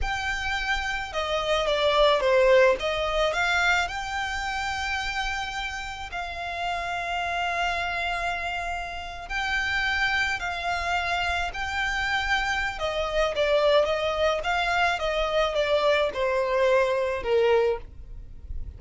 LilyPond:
\new Staff \with { instrumentName = "violin" } { \time 4/4 \tempo 4 = 108 g''2 dis''4 d''4 | c''4 dis''4 f''4 g''4~ | g''2. f''4~ | f''1~ |
f''8. g''2 f''4~ f''16~ | f''8. g''2~ g''16 dis''4 | d''4 dis''4 f''4 dis''4 | d''4 c''2 ais'4 | }